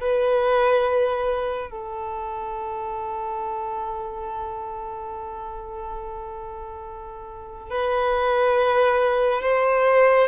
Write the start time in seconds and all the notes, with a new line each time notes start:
0.00 B4
1.70 A4
7.70 B4
9.41 C5